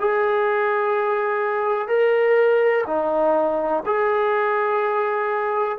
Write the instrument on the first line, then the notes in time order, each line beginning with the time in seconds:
trombone
0.00 G#4
1.88 A#4
2.87 D#4
3.86 G#4